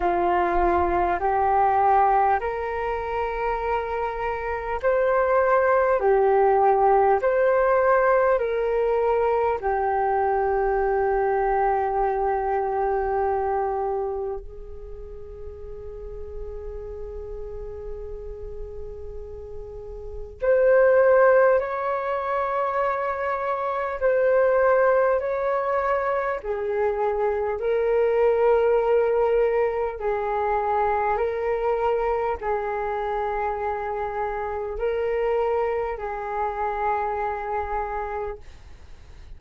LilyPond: \new Staff \with { instrumentName = "flute" } { \time 4/4 \tempo 4 = 50 f'4 g'4 ais'2 | c''4 g'4 c''4 ais'4 | g'1 | gis'1~ |
gis'4 c''4 cis''2 | c''4 cis''4 gis'4 ais'4~ | ais'4 gis'4 ais'4 gis'4~ | gis'4 ais'4 gis'2 | }